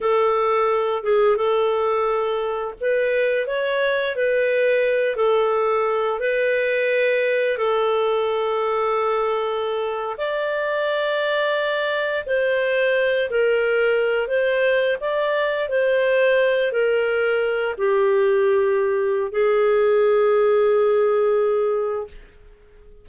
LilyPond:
\new Staff \with { instrumentName = "clarinet" } { \time 4/4 \tempo 4 = 87 a'4. gis'8 a'2 | b'4 cis''4 b'4. a'8~ | a'4 b'2 a'4~ | a'2~ a'8. d''4~ d''16~ |
d''4.~ d''16 c''4. ais'8.~ | ais'8. c''4 d''4 c''4~ c''16~ | c''16 ais'4. g'2~ g'16 | gis'1 | }